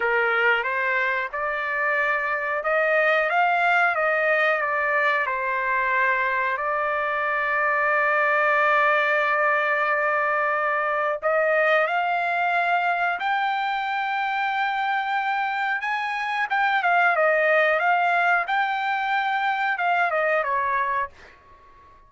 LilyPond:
\new Staff \with { instrumentName = "trumpet" } { \time 4/4 \tempo 4 = 91 ais'4 c''4 d''2 | dis''4 f''4 dis''4 d''4 | c''2 d''2~ | d''1~ |
d''4 dis''4 f''2 | g''1 | gis''4 g''8 f''8 dis''4 f''4 | g''2 f''8 dis''8 cis''4 | }